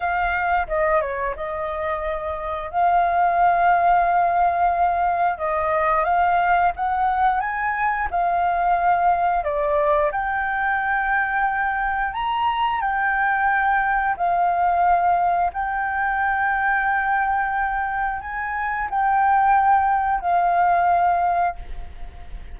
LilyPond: \new Staff \with { instrumentName = "flute" } { \time 4/4 \tempo 4 = 89 f''4 dis''8 cis''8 dis''2 | f''1 | dis''4 f''4 fis''4 gis''4 | f''2 d''4 g''4~ |
g''2 ais''4 g''4~ | g''4 f''2 g''4~ | g''2. gis''4 | g''2 f''2 | }